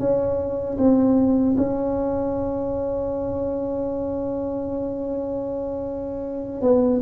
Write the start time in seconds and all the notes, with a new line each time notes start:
0.00 C#4
0.78 C4
1.57 C#4
6.62 B3